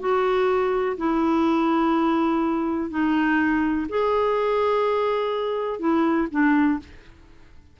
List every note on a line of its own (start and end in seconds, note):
0.00 0.97 F#4
0.98 2.90 E4
2.90 3.87 D#4
3.89 5.80 G#4
5.80 6.28 E4
6.31 6.80 D4